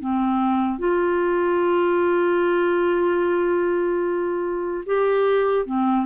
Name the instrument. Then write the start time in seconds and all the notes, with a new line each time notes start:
clarinet
0.00 C4
0.79 F4
4.86 G4
5.66 C4